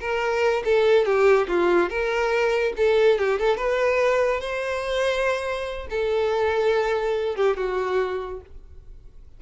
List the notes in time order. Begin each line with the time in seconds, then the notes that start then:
0.00 A#4
0.64 A4
1.05 G4
1.48 F4
1.89 A#4
2.76 A4
3.18 G4
3.39 A4
3.57 B4
4.40 C5
5.90 A4
7.36 G4
7.56 F#4